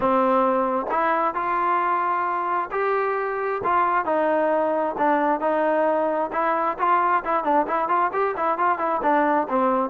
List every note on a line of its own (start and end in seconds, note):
0.00 0.86 C4
0.90 1.34 E4
1.34 2.69 F4
2.71 3.61 G4
3.63 4.05 F4
4.05 4.95 D#4
4.98 5.40 D4
5.40 6.30 D#4
6.32 6.77 E4
6.78 7.23 F4
7.24 7.44 E4
7.44 7.66 D4
7.67 7.88 E4
7.88 8.11 F4
8.12 8.35 G4
8.36 8.58 E4
8.58 8.78 F4
8.78 9.01 E4
9.02 9.47 D4
9.48 9.90 C4